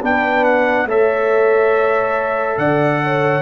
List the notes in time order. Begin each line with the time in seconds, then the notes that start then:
0.00 B3 D4 B4 G5
0.44 F#5
0.86 A3 A4 C#5 E5
2.58 D3 D5 F#5
3.04 C#5